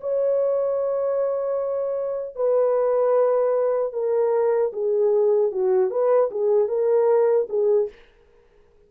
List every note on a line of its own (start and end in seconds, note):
0.00 2.35 C#5
2.35 3.93 B4
3.93 4.72 A#4
4.73 5.51 G#4
5.51 5.90 F#4
5.90 6.30 B4
6.31 6.68 G#4
6.68 7.47 A#4
7.49 7.88 G#4